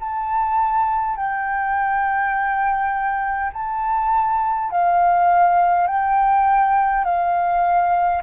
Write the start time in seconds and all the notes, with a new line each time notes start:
0.00 A5
1.16 G5
3.53 A5
4.71 F5
5.87 G5
7.04 F5